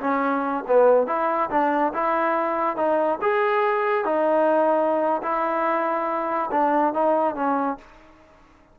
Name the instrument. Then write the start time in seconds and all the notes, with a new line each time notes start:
trombone
0.00 C#4
0.67 B3
1.07 E4
1.50 D4
1.93 E4
2.76 D#4
3.21 G#4
4.05 D#4
5.22 E4
6.51 D4
6.93 D#4
7.35 C#4